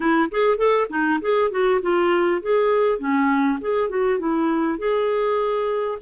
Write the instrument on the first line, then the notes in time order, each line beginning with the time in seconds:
clarinet
0.00 E4
0.31 G#4
0.57 A4
0.89 D#4
1.21 G#4
1.50 F#4
1.81 F4
2.41 G#4
2.98 C#4
3.60 G#4
3.89 F#4
4.19 E4
4.78 G#4